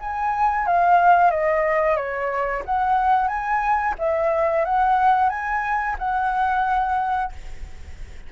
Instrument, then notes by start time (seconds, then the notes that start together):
flute
0.00 G#5
0.67 F5
1.31 D#5
1.96 C#5
2.65 F#5
3.28 G#5
3.99 E5
4.65 F#5
5.29 G#5
5.99 F#5